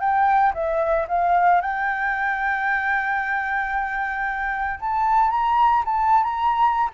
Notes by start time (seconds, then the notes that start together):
0.00 G5
0.54 E5
1.08 F5
1.61 G5
4.80 A5
5.30 A#5
5.85 A5
6.24 A#5